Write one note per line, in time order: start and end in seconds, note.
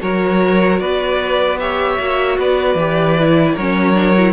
0.00 0.80 F#3
0.00 1.58 F#4
0.00 0.81 A#4
0.00 0.79 C#5
0.79 1.98 B3
0.79 1.60 B4
0.79 1.58 D5
1.59 1.98 G4
1.59 2.38 C#5
1.59 2.38 E5
1.98 2.38 A#3
1.98 2.77 F#4
2.38 2.75 B3
2.38 3.55 B4
2.38 3.56 D5
2.75 3.53 E3
2.75 3.18 G4
3.18 3.58 E4
3.55 4.32 F#3
3.55 3.94 C#4
3.55 4.32 A#4
3.55 4.32 C#5
3.94 4.14 D4
4.16 4.32 E4